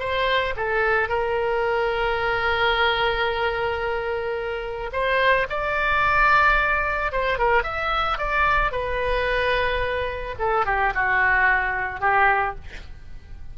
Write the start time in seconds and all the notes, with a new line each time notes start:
0.00 C5
0.57 A4
1.09 A#4
4.93 C5
5.50 D5
7.12 C5
7.39 A#4
7.64 E5
8.18 D5
8.72 B4
10.39 A4
10.66 G4
10.95 F#4
12.01 G4